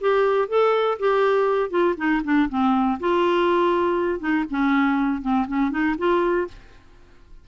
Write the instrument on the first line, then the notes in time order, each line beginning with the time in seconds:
clarinet
0.00 G4
0.48 A4
0.99 G4
1.70 F4
1.97 D#4
2.24 D4
2.49 C4
3.00 F4
4.19 D#4
4.50 C#4
5.21 C4
5.47 C#4
5.70 D#4
5.98 F4